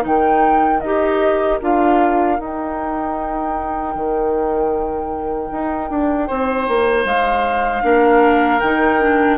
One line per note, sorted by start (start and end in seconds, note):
0.00 0.82 D#3
0.00 0.78 D#4
0.00 6.26 A#4
0.00 0.80 G5
0.80 1.60 D#4
0.80 1.61 G4
0.80 1.58 D#5
1.61 2.39 D4
1.61 2.38 F4
1.61 2.39 F5
2.38 7.82 D#4
2.38 3.95 D#4
2.38 7.06 G5
3.95 5.50 D#3
5.51 5.90 D#4
5.90 6.29 D4
6.27 6.68 C4
6.27 7.83 C5
6.68 7.04 A#3
7.04 7.82 G#3
7.04 8.60 F5
7.82 8.61 A#3
7.82 8.60 D4
7.82 9.37 A#4
8.60 9.37 D#3
8.60 9.00 D#4
8.60 9.37 G5
9.00 9.37 D4